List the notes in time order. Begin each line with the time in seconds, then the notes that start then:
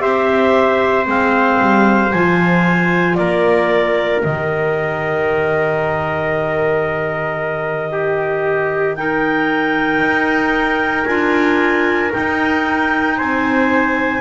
0.00 C4 G4 C5 E5
1.05 G#3 C4 F5
1.61 G3
2.12 F3 F4 G#5
3.15 A#3 A#4 D5
4.23 D#3 G4 D#5
7.92 G4
8.96 D#4 A#4 G5
10.00 D#4
11.05 D4 F4 G#5
12.10 D#4 G5
12.17 D#4
13.17 C4 C5 G#5